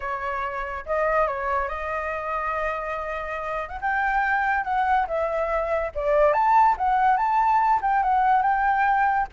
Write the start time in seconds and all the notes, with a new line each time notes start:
0.00 C#5
0.85 D#5
1.27 C#5
1.68 D#5
3.68 F#5
3.81 G5
4.64 F#5
5.07 E5
5.95 D5
6.33 A5
6.77 F#5
7.16 A5
7.81 G5
8.02 F#5
8.42 G5